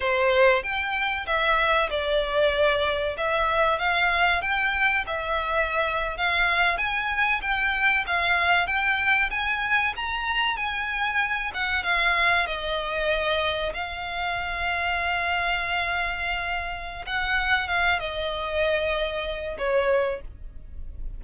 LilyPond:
\new Staff \with { instrumentName = "violin" } { \time 4/4 \tempo 4 = 95 c''4 g''4 e''4 d''4~ | d''4 e''4 f''4 g''4 | e''4.~ e''16 f''4 gis''4 g''16~ | g''8. f''4 g''4 gis''4 ais''16~ |
ais''8. gis''4. fis''8 f''4 dis''16~ | dis''4.~ dis''16 f''2~ f''16~ | f''2. fis''4 | f''8 dis''2~ dis''8 cis''4 | }